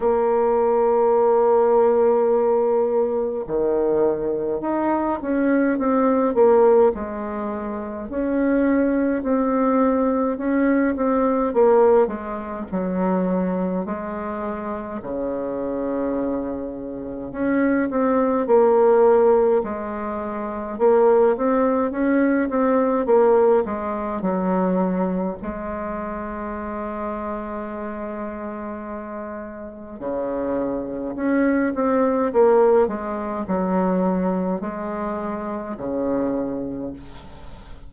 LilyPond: \new Staff \with { instrumentName = "bassoon" } { \time 4/4 \tempo 4 = 52 ais2. dis4 | dis'8 cis'8 c'8 ais8 gis4 cis'4 | c'4 cis'8 c'8 ais8 gis8 fis4 | gis4 cis2 cis'8 c'8 |
ais4 gis4 ais8 c'8 cis'8 c'8 | ais8 gis8 fis4 gis2~ | gis2 cis4 cis'8 c'8 | ais8 gis8 fis4 gis4 cis4 | }